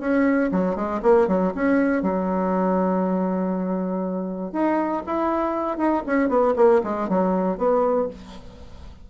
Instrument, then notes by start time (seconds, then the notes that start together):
bassoon
0.00 C#4
0.52 F#3
0.76 G#3
1.03 A#3
1.28 F#3
1.55 C#4
2.02 F#3
4.52 D#4
5.07 E4
5.78 D#4
6.06 C#4
6.29 B3
6.56 A#3
6.84 G#3
7.09 F#3
7.58 B3